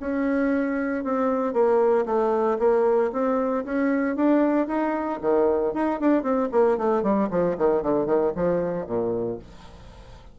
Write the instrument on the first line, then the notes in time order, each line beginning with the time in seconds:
bassoon
0.00 C#4
1.04 C4
1.53 A#3
2.06 A3
2.59 A#3
3.13 C4
3.65 C#4
4.16 D4
4.67 D#4
5.22 D#3
5.74 D#4
6.00 D4
6.23 C4
6.52 A#3
6.78 A3
7.03 G3
7.30 F3
7.58 D#3
7.83 D3
8.06 D#3
8.36 F3
8.87 A#2